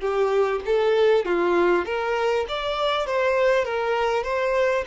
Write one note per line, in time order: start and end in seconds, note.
0.00 0.61 G4
0.65 1.25 A4
1.25 1.85 F4
1.85 2.45 A#4
2.48 3.06 D5
3.06 3.64 C5
3.64 4.23 A#4
4.23 4.84 C5